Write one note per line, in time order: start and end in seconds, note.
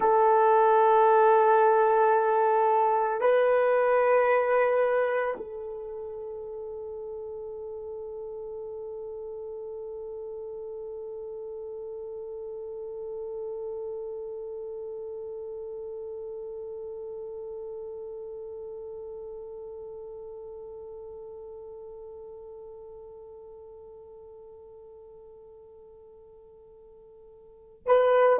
0.00 3.20 A4
3.20 5.35 B4
5.36 27.86 A4
27.86 28.39 B4